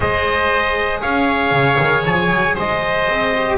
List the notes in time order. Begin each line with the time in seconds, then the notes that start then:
0.00 G#3 G#4 C5 D#5
1.01 C#4 C#5 F5
1.51 C#3
1.80 D#3
2.05 F3 G#5
2.30 F#3
2.54 G#3 C5 D#5
3.08 C4
3.34 G4